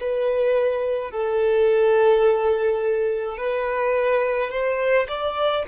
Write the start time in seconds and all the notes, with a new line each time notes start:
0.00 B4
1.11 A4
3.38 B4
4.51 C5
5.08 D5